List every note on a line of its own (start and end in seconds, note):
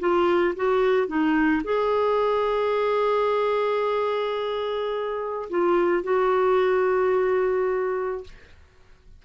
0.00 0.55 F4
0.56 1.08 F#4
1.08 1.63 D#4
1.64 5.49 G#4
5.50 6.04 F4
6.04 8.24 F#4